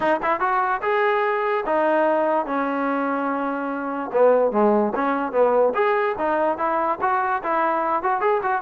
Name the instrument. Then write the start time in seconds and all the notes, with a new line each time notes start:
trombone
0.00 D#4
0.22 E4
0.40 F#4
0.82 G#4
1.66 D#4
2.45 C#4
4.13 B3
4.51 G#3
4.95 C#4
5.32 B3
5.74 G#4
6.18 D#4
6.57 E4
7.01 F#4
7.43 E4
8.02 F#4
8.20 G#4
8.42 F#4